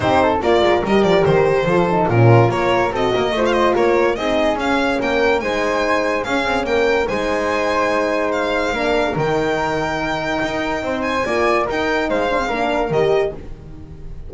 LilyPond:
<<
  \new Staff \with { instrumentName = "violin" } { \time 4/4 \tempo 4 = 144 c''4 d''4 dis''8 d''8 c''4~ | c''4 ais'4 cis''4 dis''4~ | dis''16 f''16 dis''8 cis''4 dis''4 f''4 | g''4 gis''2 f''4 |
g''4 gis''2. | f''2 g''2~ | g''2~ g''8 gis''4. | g''4 f''2 dis''4 | }
  \new Staff \with { instrumentName = "flute" } { \time 4/4 g'8 a'8 ais'2. | a'4 f'4 ais'4 a'8 ais'8 | c''4 ais'4 gis'2 | ais'4 c''2 gis'4 |
ais'4 c''2.~ | c''4 ais'2.~ | ais'2 c''4 d''4 | ais'4 c''4 ais'2 | }
  \new Staff \with { instrumentName = "horn" } { \time 4/4 dis'4 f'4 g'2 | f'8 dis'8 cis'4 f'4 fis'4 | f'2 dis'4 cis'4~ | cis'4 dis'2 cis'4~ |
cis'4 dis'2.~ | dis'4 d'4 dis'2~ | dis'2. f'4 | dis'4. d'16 c'16 d'4 g'4 | }
  \new Staff \with { instrumentName = "double bass" } { \time 4/4 c'4 ais8 gis8 g8 f8 dis4 | f4 ais,4 ais4 c'8 ais8 | a4 ais4 c'4 cis'4 | ais4 gis2 cis'8 c'8 |
ais4 gis2.~ | gis4 ais4 dis2~ | dis4 dis'4 c'4 ais4 | dis'4 gis4 ais4 dis4 | }
>>